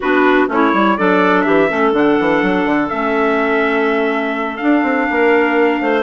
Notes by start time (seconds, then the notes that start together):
0.00 B3 D4 F#4 B4
0.47 A3 C#4 E4 C#5
0.72 G3 E4
0.97 F#3 D4 A4 D5
1.41 E3 G4 E5
1.69 A3 C#4 A4
1.92 D3 D4 F#5
2.20 E3
2.42 F#3
2.65 D3
2.88 A3 C#4 E5
4.56 D4 F5
4.83 C4
5.09 A#3 A#4
5.80 A3 C5